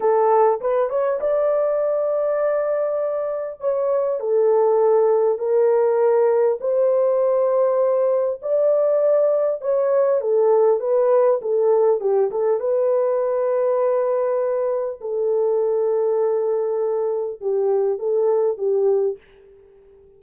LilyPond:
\new Staff \with { instrumentName = "horn" } { \time 4/4 \tempo 4 = 100 a'4 b'8 cis''8 d''2~ | d''2 cis''4 a'4~ | a'4 ais'2 c''4~ | c''2 d''2 |
cis''4 a'4 b'4 a'4 | g'8 a'8 b'2.~ | b'4 a'2.~ | a'4 g'4 a'4 g'4 | }